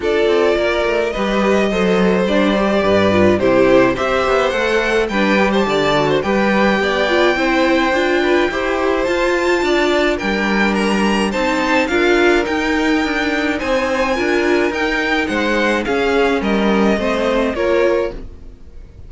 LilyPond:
<<
  \new Staff \with { instrumentName = "violin" } { \time 4/4 \tempo 4 = 106 d''2 dis''2 | d''2 c''4 e''4 | fis''4 g''8. a''4~ a''16 g''4~ | g''1 |
a''2 g''4 ais''4 | a''4 f''4 g''2 | gis''2 g''4 fis''4 | f''4 dis''2 cis''4 | }
  \new Staff \with { instrumentName = "violin" } { \time 4/4 a'4 ais'4 b'4 c''4~ | c''4 b'4 g'4 c''4~ | c''4 b'8. c''16 d''8. c''16 b'4 | d''4 c''4. b'8 c''4~ |
c''4 d''4 ais'2 | c''4 ais'2. | c''4 ais'2 c''4 | gis'4 ais'4 c''4 ais'4 | }
  \new Staff \with { instrumentName = "viola" } { \time 4/4 f'2 g'4 a'4 | d'8 g'4 f'8 e'4 g'4 | a'4 d'8 g'4 fis'8 g'4~ | g'8 f'8 e'4 f'4 g'4 |
f'2 d'2 | dis'4 f'4 dis'2~ | dis'4 f'4 dis'2 | cis'2 c'4 f'4 | }
  \new Staff \with { instrumentName = "cello" } { \time 4/4 d'8 c'8 ais8 a8 g4 fis4 | g4 g,4 c4 c'8 b8 | a4 g4 d4 g4 | b4 c'4 d'4 e'4 |
f'4 d'4 g2 | c'4 d'4 dis'4 d'4 | c'4 d'4 dis'4 gis4 | cis'4 g4 a4 ais4 | }
>>